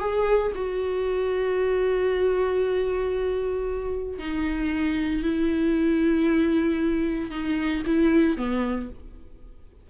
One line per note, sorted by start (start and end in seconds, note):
0.00 0.52 G#4
0.55 4.19 F#4
4.19 5.23 D#4
5.23 7.31 E4
7.31 7.83 D#4
7.86 8.37 E4
8.37 8.89 B3